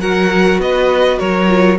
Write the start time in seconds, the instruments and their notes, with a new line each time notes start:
0.00 cello F#3, viola F#4, violin A#4 F#5
0.58 cello B3, violin B4 D#5
1.19 cello F#3, violin A#4 C#5
1.47 viola F4